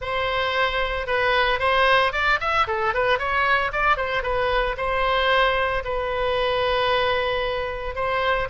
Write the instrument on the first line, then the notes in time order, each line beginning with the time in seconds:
oboe
0.01 C5
1.06 B4
1.59 C5
2.12 D5
2.40 E5
2.67 A4
2.93 B4
3.18 C#5
3.72 D5
3.97 C5
4.23 B4
4.77 C5
5.84 B4
7.95 C5